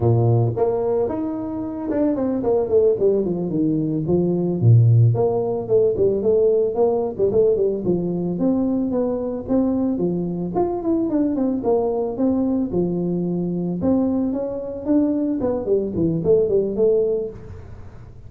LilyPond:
\new Staff \with { instrumentName = "tuba" } { \time 4/4 \tempo 4 = 111 ais,4 ais4 dis'4. d'8 | c'8 ais8 a8 g8 f8 dis4 f8~ | f8 ais,4 ais4 a8 g8 a8~ | a8 ais8. g16 a8 g8 f4 c'8~ |
c'8 b4 c'4 f4 f'8 | e'8 d'8 c'8 ais4 c'4 f8~ | f4. c'4 cis'4 d'8~ | d'8 b8 g8 e8 a8 g8 a4 | }